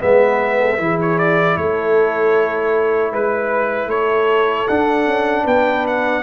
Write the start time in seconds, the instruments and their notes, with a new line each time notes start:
0.00 tuba G#3, trombone B3, horn B4, trumpet E5
0.60 horn A4
0.78 tuba E3, trombone E4, horn G#4
1.01 trumpet C#5
1.19 trumpet D5
1.57 tuba A3, horn A4, trumpet C#5
3.12 tuba G#3, horn B4, trumpet B4
3.87 tuba A3, horn A4, trumpet C#5
4.68 tuba D4, trombone D4, trumpet F#5
5.06 tuba C#4
5.44 tuba B3, horn B4, trumpet G5
5.87 trumpet F#5